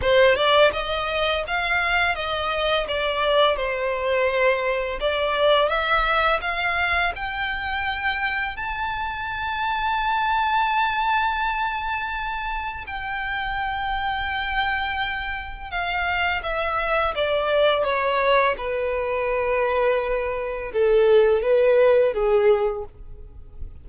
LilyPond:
\new Staff \with { instrumentName = "violin" } { \time 4/4 \tempo 4 = 84 c''8 d''8 dis''4 f''4 dis''4 | d''4 c''2 d''4 | e''4 f''4 g''2 | a''1~ |
a''2 g''2~ | g''2 f''4 e''4 | d''4 cis''4 b'2~ | b'4 a'4 b'4 gis'4 | }